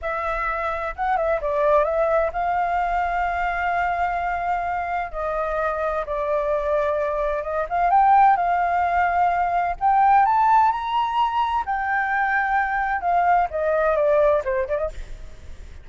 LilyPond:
\new Staff \with { instrumentName = "flute" } { \time 4/4 \tempo 4 = 129 e''2 fis''8 e''8 d''4 | e''4 f''2.~ | f''2. dis''4~ | dis''4 d''2. |
dis''8 f''8 g''4 f''2~ | f''4 g''4 a''4 ais''4~ | ais''4 g''2. | f''4 dis''4 d''4 c''8 d''16 dis''16 | }